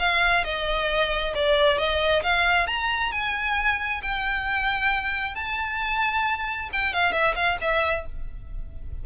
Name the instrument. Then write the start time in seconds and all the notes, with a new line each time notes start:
violin
0.00 F5
0.45 D#5
1.35 D5
1.78 D#5
2.23 F5
2.68 A#5
3.12 G#5
4.03 G5
5.35 A5
6.73 G5
6.94 F5
7.13 E5
7.36 F5
7.62 E5